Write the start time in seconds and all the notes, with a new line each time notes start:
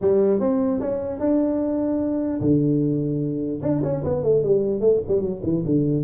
0.01 G3
0.40 C4
0.80 C#4
1.19 D4
2.41 D3
3.62 D4
3.83 C#4
4.04 B3
4.23 A3
4.43 G3
4.80 A3
5.07 G3
5.21 F#3
5.43 E3
5.65 D3